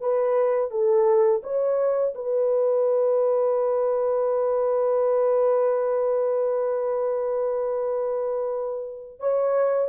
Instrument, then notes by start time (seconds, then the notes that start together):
horn
0.00 B4
0.71 A4
1.43 C#5
2.14 B4
9.19 C#5